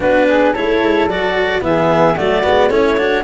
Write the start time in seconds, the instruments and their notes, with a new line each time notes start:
0.00 tuba B3, cello D4, flute F#4, clarinet B4
0.28 flute G#4
0.53 tuba A3, cello E4, flute A4, clarinet C#5
0.82 tuba G#3
1.07 tuba F#3, cello F#4, clarinet D5
1.61 tuba E3, cello B3, flute G#4, clarinet E5
2.15 tuba F#3, cello A3, flute F#4, clarinet D5
2.43 tuba G#3, cello B3
2.69 tuba A3, cello C#4, flute E4, clarinet C#5
2.97 cello D4, flute F#4